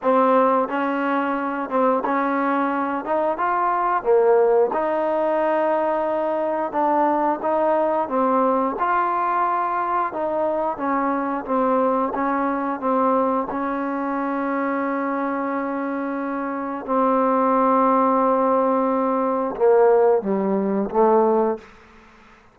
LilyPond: \new Staff \with { instrumentName = "trombone" } { \time 4/4 \tempo 4 = 89 c'4 cis'4. c'8 cis'4~ | cis'8 dis'8 f'4 ais4 dis'4~ | dis'2 d'4 dis'4 | c'4 f'2 dis'4 |
cis'4 c'4 cis'4 c'4 | cis'1~ | cis'4 c'2.~ | c'4 ais4 g4 a4 | }